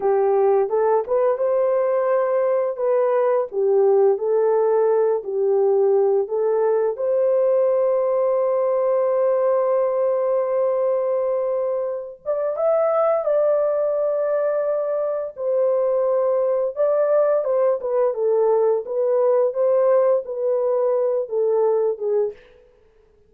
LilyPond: \new Staff \with { instrumentName = "horn" } { \time 4/4 \tempo 4 = 86 g'4 a'8 b'8 c''2 | b'4 g'4 a'4. g'8~ | g'4 a'4 c''2~ | c''1~ |
c''4. d''8 e''4 d''4~ | d''2 c''2 | d''4 c''8 b'8 a'4 b'4 | c''4 b'4. a'4 gis'8 | }